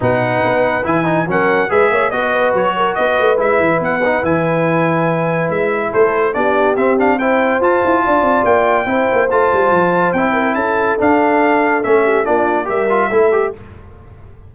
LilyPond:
<<
  \new Staff \with { instrumentName = "trumpet" } { \time 4/4 \tempo 4 = 142 fis''2 gis''4 fis''4 | e''4 dis''4 cis''4 dis''4 | e''4 fis''4 gis''2~ | gis''4 e''4 c''4 d''4 |
e''8 f''8 g''4 a''2 | g''2 a''2 | g''4 a''4 f''2 | e''4 d''4 e''2 | }
  \new Staff \with { instrumentName = "horn" } { \time 4/4 b'2. ais'4 | b'8 cis''8 dis''8 b'4 ais'8 b'4~ | b'1~ | b'2 a'4 g'4~ |
g'4 c''2 d''4~ | d''4 c''2.~ | c''8 ais'8 a'2.~ | a'8 g'8 f'4 ais'4 a'4 | }
  \new Staff \with { instrumentName = "trombone" } { \time 4/4 dis'2 e'8 dis'8 cis'4 | gis'4 fis'2. | e'4. dis'8 e'2~ | e'2. d'4 |
c'8 d'8 e'4 f'2~ | f'4 e'4 f'2 | e'2 d'2 | cis'4 d'4 g'8 f'8 e'8 g'8 | }
  \new Staff \with { instrumentName = "tuba" } { \time 4/4 b,4 b4 e4 fis4 | gis8 ais8 b4 fis4 b8 a8 | gis8 e8 b4 e2~ | e4 gis4 a4 b4 |
c'2 f'8 e'8 d'8 c'8 | ais4 c'8 ais8 a8 g8 f4 | c'4 cis'4 d'2 | a4 ais4 g4 a4 | }
>>